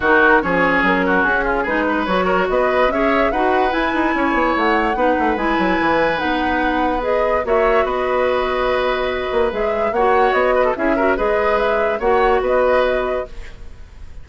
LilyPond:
<<
  \new Staff \with { instrumentName = "flute" } { \time 4/4 \tempo 4 = 145 ais'4 cis''4 ais'4 gis'4 | b'4 cis''4 dis''4 e''4 | fis''4 gis''2 fis''4~ | fis''4 gis''2 fis''4~ |
fis''4 dis''4 e''4 dis''4~ | dis''2. e''4 | fis''4 dis''4 e''4 dis''4 | e''4 fis''4 dis''2 | }
  \new Staff \with { instrumentName = "oboe" } { \time 4/4 fis'4 gis'4. fis'4 f'8 | gis'8 b'4 ais'8 b'4 cis''4 | b'2 cis''2 | b'1~ |
b'2 cis''4 b'4~ | b'1 | cis''4. b'16 a'16 gis'8 ais'8 b'4~ | b'4 cis''4 b'2 | }
  \new Staff \with { instrumentName = "clarinet" } { \time 4/4 dis'4 cis'2. | dis'4 fis'2 gis'4 | fis'4 e'2. | dis'4 e'2 dis'4~ |
dis'4 gis'4 fis'2~ | fis'2. gis'4 | fis'2 e'8 fis'8 gis'4~ | gis'4 fis'2. | }
  \new Staff \with { instrumentName = "bassoon" } { \time 4/4 dis4 f4 fis4 cis'4 | gis4 fis4 b4 cis'4 | dis'4 e'8 dis'8 cis'8 b8 a4 | b8 a8 gis8 fis8 e4 b4~ |
b2 ais4 b4~ | b2~ b8 ais8 gis4 | ais4 b4 cis'4 gis4~ | gis4 ais4 b2 | }
>>